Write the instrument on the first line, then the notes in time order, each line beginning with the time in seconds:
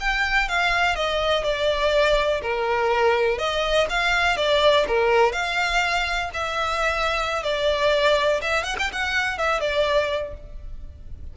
violin
0.00 G5
0.48 F5
0.96 D#5
1.43 D5
2.42 A#4
3.38 D#5
3.89 F5
4.37 D5
4.87 A#4
5.32 F5
6.34 E5
7.43 D5
8.41 E5
8.63 F#5
8.79 G5
8.92 F#5
9.38 E5
9.60 D5